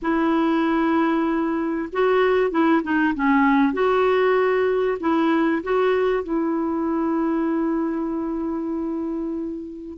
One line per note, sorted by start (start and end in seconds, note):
0.01 1.89 E4
1.92 2.50 F#4
2.50 2.82 E4
2.82 3.14 D#4
3.14 3.73 C#4
3.73 4.98 F#4
5.00 5.62 E4
5.63 6.23 F#4
6.23 9.98 E4